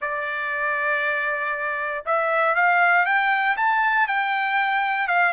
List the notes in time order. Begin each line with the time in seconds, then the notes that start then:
0.01 D5
2.05 E5
2.55 F5
3.05 G5
3.56 A5
4.07 G5
5.07 F5